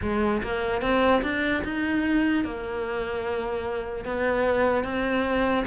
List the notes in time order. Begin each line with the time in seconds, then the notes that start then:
0.01 G#3
0.42 A#3
0.81 C4
1.22 D4
1.64 D#4
2.44 A#3
4.05 B3
4.84 C4